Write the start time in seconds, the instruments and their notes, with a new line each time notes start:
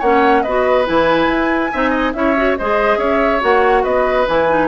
0.00 bassoon A#3, clarinet C#4, oboe C#5, flute F#5
0.43 bassoon B3, clarinet F#4, oboe B4, flute D#5
0.86 bassoon E3, clarinet E4, flute G#5
1.28 bassoon E4
1.73 bassoon C4, clarinet D#4, oboe E5
1.90 oboe D#5
2.14 bassoon C#4, clarinet E4, oboe C#5, flute E5
2.36 clarinet F#4
2.58 bassoon G#3, clarinet G#4, oboe C5, flute D#5
2.97 bassoon C#4, oboe C#5, flute E5
3.41 bassoon A#3, clarinet F#4, flute F#5
3.84 bassoon B3, oboe B4, flute D#5
4.28 bassoon E3, clarinet E4, flute G#5
4.50 clarinet D#4